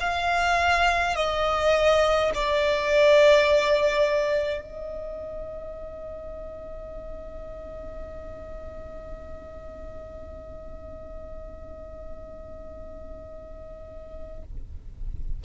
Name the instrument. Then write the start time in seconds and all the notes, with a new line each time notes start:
violin
0.00 F5
1.15 D#5
2.34 D5
4.61 D#5